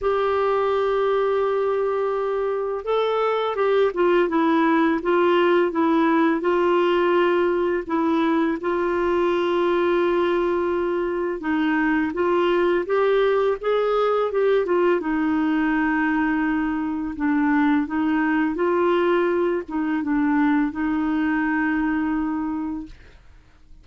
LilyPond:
\new Staff \with { instrumentName = "clarinet" } { \time 4/4 \tempo 4 = 84 g'1 | a'4 g'8 f'8 e'4 f'4 | e'4 f'2 e'4 | f'1 |
dis'4 f'4 g'4 gis'4 | g'8 f'8 dis'2. | d'4 dis'4 f'4. dis'8 | d'4 dis'2. | }